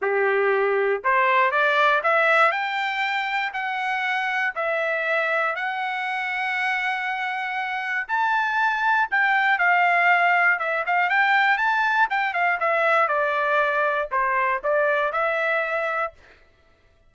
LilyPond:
\new Staff \with { instrumentName = "trumpet" } { \time 4/4 \tempo 4 = 119 g'2 c''4 d''4 | e''4 g''2 fis''4~ | fis''4 e''2 fis''4~ | fis''1 |
a''2 g''4 f''4~ | f''4 e''8 f''8 g''4 a''4 | g''8 f''8 e''4 d''2 | c''4 d''4 e''2 | }